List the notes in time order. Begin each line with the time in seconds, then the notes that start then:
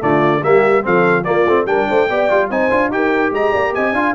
0.00 D3 A3 F4 D5
0.42 G3 A#3 G4 E5
0.82 F3 C4 A4 F5
1.24 A#3 F4 D5
1.46 A3 C4
1.65 G3 D4 A#4 G5
1.89 A3 C5
2.10 B3 G4 D5
2.30 G3 F4
2.50 C4 D#4 C5 G#5
2.71 D4 F4
2.89 D#4 G4 G5
2.96 A#4
3.31 G#3 D#5 A#5
3.52 A#3 D5
3.74 C4 D#5 G#5
3.92 D4 F4 F5